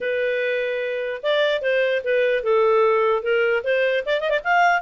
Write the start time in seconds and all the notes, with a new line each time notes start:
0.00 B4
1.22 D5
1.61 C5
2.03 B4
2.43 A4
3.22 A#4
3.63 C5
4.05 D5
4.20 D#5
4.29 D5
4.43 F5